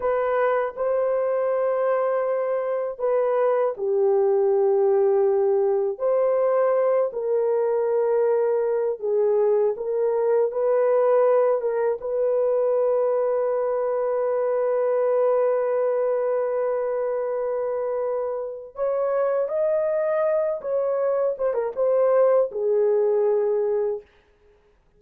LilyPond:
\new Staff \with { instrumentName = "horn" } { \time 4/4 \tempo 4 = 80 b'4 c''2. | b'4 g'2. | c''4. ais'2~ ais'8 | gis'4 ais'4 b'4. ais'8 |
b'1~ | b'1~ | b'4 cis''4 dis''4. cis''8~ | cis''8 c''16 ais'16 c''4 gis'2 | }